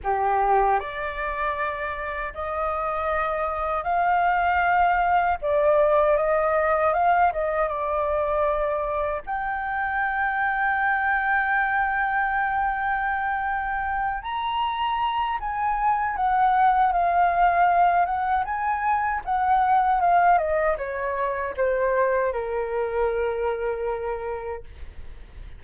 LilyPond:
\new Staff \with { instrumentName = "flute" } { \time 4/4 \tempo 4 = 78 g'4 d''2 dis''4~ | dis''4 f''2 d''4 | dis''4 f''8 dis''8 d''2 | g''1~ |
g''2~ g''8 ais''4. | gis''4 fis''4 f''4. fis''8 | gis''4 fis''4 f''8 dis''8 cis''4 | c''4 ais'2. | }